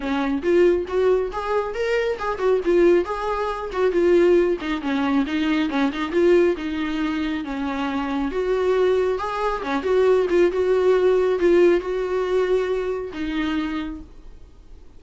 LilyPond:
\new Staff \with { instrumentName = "viola" } { \time 4/4 \tempo 4 = 137 cis'4 f'4 fis'4 gis'4 | ais'4 gis'8 fis'8 f'4 gis'4~ | gis'8 fis'8 f'4. dis'8 cis'4 | dis'4 cis'8 dis'8 f'4 dis'4~ |
dis'4 cis'2 fis'4~ | fis'4 gis'4 cis'8 fis'4 f'8 | fis'2 f'4 fis'4~ | fis'2 dis'2 | }